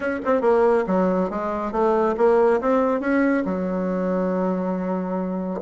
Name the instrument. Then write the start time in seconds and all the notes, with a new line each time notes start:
bassoon
0.00 C#4
0.25 C4
0.41 A#3
0.87 F#3
1.29 G#3
1.72 A3
2.17 A#3
2.60 C4
3.00 C#4
3.45 F#3